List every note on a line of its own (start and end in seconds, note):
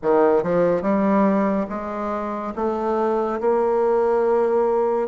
0.02 0.43 D#3
0.43 0.82 F3
0.82 1.66 G3
1.69 2.53 G#3
2.55 3.40 A3
3.40 5.08 A#3